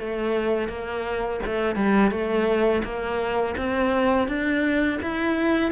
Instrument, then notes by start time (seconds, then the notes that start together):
cello
0.00 A3
0.69 A#3
1.46 A3
1.76 G3
2.11 A3
2.84 A#3
3.57 C4
4.28 D4
5.02 E4